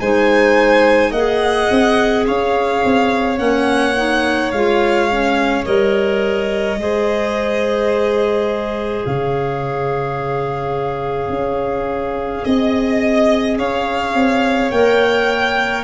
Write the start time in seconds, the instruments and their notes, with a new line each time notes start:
0.00 tuba G#3, clarinet D#4, violin C5 G#5
1.10 tuba A#3, clarinet G#4, violin D#5 F#5
1.70 tuba C4
2.26 tuba C#4, violin C#5 F5
2.84 tuba C4
3.37 tuba A#3, clarinet C#4, violin F#5
3.96 clarinet D#4
4.51 tuba G#3, clarinet F4, violin F5
5.10 clarinet C#4
5.65 tuba G3, clarinet A#4, violin D#5
6.77 tuba G#3, clarinet G#4, violin C5
9.04 tuba C#3, violin C#5 F5
11.29 tuba C#4
12.44 tuba C4, violin D#5
13.58 tuba C#4, violin C#5 F5
14.14 tuba C4
14.71 tuba A#3, clarinet A#4, violin G5